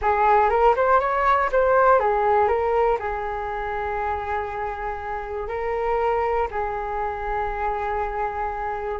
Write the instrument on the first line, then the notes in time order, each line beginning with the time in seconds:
flute
0.01 G#4
0.49 A#4
0.75 C5
1.00 C#5
1.51 C5
1.99 G#4
2.48 A#4
2.99 G#4
5.48 A#4
6.50 G#4